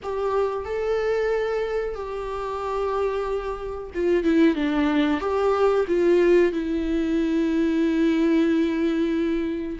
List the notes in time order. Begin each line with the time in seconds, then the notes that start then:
0.03 G4
0.65 A4
1.94 G4
3.94 F4
4.23 E4
4.55 D4
5.20 G4
5.87 F4
6.52 E4